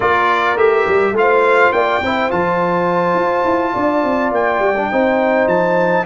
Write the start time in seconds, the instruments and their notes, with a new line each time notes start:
0.00 tuba A#3, trombone F4, horn A#4, trumpet D5
0.56 tuba A3, trombone G4, trumpet E5
0.86 tuba G3
1.12 tuba A3, trombone F4, trumpet F5
1.19 horn C5
1.72 tuba A#3, horn D5, trumpet G5
2.01 tuba C4, trombone E4, horn C5
2.30 tuba F3, trombone F4, trumpet A5
3.14 tuba F4
3.44 tuba E4
3.73 tuba D4, horn D5
4.03 tuba C4
4.31 tuba A#3, trumpet G5
4.59 tuba G3
4.76 trombone D4
4.91 tuba C4, trombone D#4, horn C5
5.46 tuba F3, trumpet A5